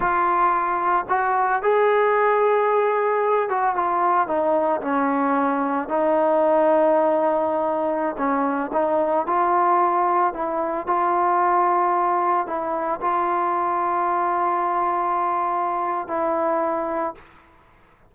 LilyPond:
\new Staff \with { instrumentName = "trombone" } { \time 4/4 \tempo 4 = 112 f'2 fis'4 gis'4~ | gis'2~ gis'8 fis'8 f'4 | dis'4 cis'2 dis'4~ | dis'2.~ dis'16 cis'8.~ |
cis'16 dis'4 f'2 e'8.~ | e'16 f'2. e'8.~ | e'16 f'2.~ f'8.~ | f'2 e'2 | }